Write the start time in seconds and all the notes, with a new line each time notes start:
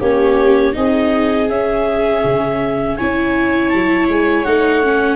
0.00 A#3 C#4 G4 C#5
0.73 C4 D#4 G#4 D#5
1.49 C#4 E5
2.24 C#3
2.96 C#4 E4 C#5 G#5
3.69 F#3 A5
4.08 G#3 G#5
4.44 A3 D#4 F#5
4.83 C#4